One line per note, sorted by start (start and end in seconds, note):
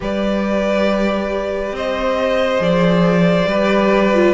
0.00 1.72 G3
0.00 2.58 G4
0.00 1.75 B4
0.00 1.76 D5
1.72 2.59 C4
1.72 3.48 C5
1.72 2.63 D#5
2.58 3.46 F3
2.58 3.45 G#4
2.58 4.34 D5
3.46 4.33 G3
3.46 4.14 G4
3.46 4.34 B4
4.14 4.34 F4